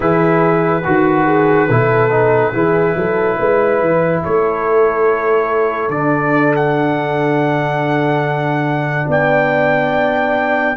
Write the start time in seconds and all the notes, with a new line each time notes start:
0.00 E3 E4 G#4 B4
0.84 D#3 F#4
1.25 G#4
1.69 B2 E4 A4
2.10 D#4
2.52 E3 E4 G#4
2.95 F#3 A4
3.37 G#3 B4
3.80 E3
4.23 A3 A4 C#5
5.88 D3 D4 D5
6.55 F#5
9.07 B3 D5 G5